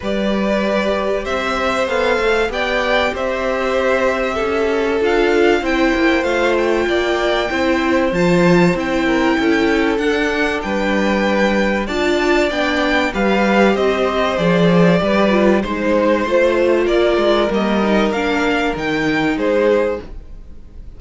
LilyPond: <<
  \new Staff \with { instrumentName = "violin" } { \time 4/4 \tempo 4 = 96 d''2 e''4 f''4 | g''4 e''2. | f''4 g''4 f''8 g''4.~ | g''4 a''4 g''2 |
fis''4 g''2 a''4 | g''4 f''4 dis''4 d''4~ | d''4 c''2 d''4 | dis''4 f''4 g''4 c''4 | }
  \new Staff \with { instrumentName = "violin" } { \time 4/4 b'2 c''2 | d''4 c''2 a'4~ | a'4 c''2 d''4 | c''2~ c''8 ais'8 a'4~ |
a'4 b'2 d''4~ | d''4 b'4 c''2 | b'4 c''2 ais'4~ | ais'2. gis'4 | }
  \new Staff \with { instrumentName = "viola" } { \time 4/4 g'2. a'4 | g'1 | f'4 e'4 f'2 | e'4 f'4 e'2 |
d'2. f'4 | d'4 g'2 gis'4 | g'8 f'8 dis'4 f'2 | ais8 dis'8 d'4 dis'2 | }
  \new Staff \with { instrumentName = "cello" } { \time 4/4 g2 c'4 b8 a8 | b4 c'2 cis'4 | d'4 c'8 ais8 a4 ais4 | c'4 f4 c'4 cis'4 |
d'4 g2 d'4 | b4 g4 c'4 f4 | g4 gis4 a4 ais8 gis8 | g4 ais4 dis4 gis4 | }
>>